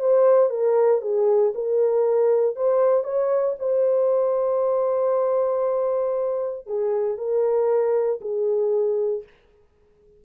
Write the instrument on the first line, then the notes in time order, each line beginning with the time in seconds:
horn
0.00 C5
0.50 A#4
1.02 G#4
1.55 A#4
2.56 C5
3.04 C#5
3.59 C5
6.67 G#4
7.17 A#4
8.21 G#4